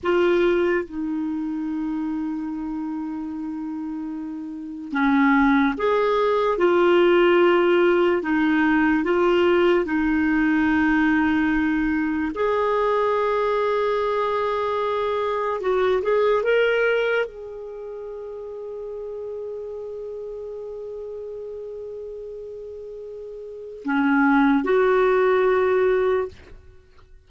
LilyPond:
\new Staff \with { instrumentName = "clarinet" } { \time 4/4 \tempo 4 = 73 f'4 dis'2.~ | dis'2 cis'4 gis'4 | f'2 dis'4 f'4 | dis'2. gis'4~ |
gis'2. fis'8 gis'8 | ais'4 gis'2.~ | gis'1~ | gis'4 cis'4 fis'2 | }